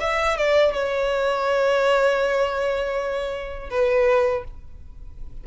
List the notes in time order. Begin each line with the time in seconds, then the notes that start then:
0.00 E5
0.37 D5
0.74 C#5
3.70 B4